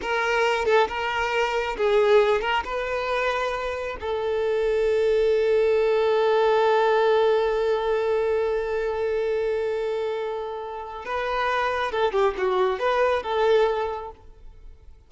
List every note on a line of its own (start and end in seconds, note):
0.01 0.65 A#4
0.65 0.87 A4
0.88 1.76 A#4
1.77 2.41 G#4
2.41 2.63 A#4
2.64 3.96 B4
4.00 11.05 A4
11.05 11.91 B4
11.91 12.12 A4
12.12 12.34 G4
12.37 12.79 F#4
12.79 13.22 B4
13.22 14.11 A4